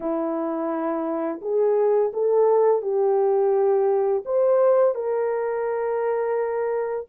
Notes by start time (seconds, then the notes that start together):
0.00 E4
1.41 G#4
2.13 A4
2.81 G4
4.25 C5
4.94 A#4